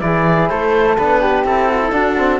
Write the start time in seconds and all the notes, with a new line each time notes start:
0.00 E3 E4 G#4 D5
0.49 A3 A4 C5
0.97 B3 D4 B4
1.21 G4
1.44 C4 E4 A4
1.69 F#4
1.82 E4
1.90 D4 F#4
2.17 C4